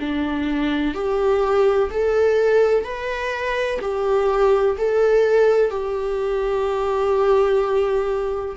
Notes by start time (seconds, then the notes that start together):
0.00 D4
0.95 G4
1.90 A4
2.85 B4
3.81 G4
4.78 A4
5.71 G4